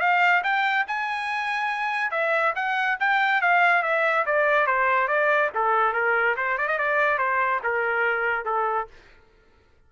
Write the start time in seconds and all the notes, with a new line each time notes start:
0.00 F5
0.43 G5
0.88 G#5
2.11 E5
2.55 F#5
3.00 G5
3.41 F5
3.83 E5
4.26 D5
4.67 C5
5.08 D5
5.55 A4
5.93 A#4
6.37 C5
6.58 D5
6.68 D#5
6.78 D5
7.18 C5
7.63 A#4
8.45 A4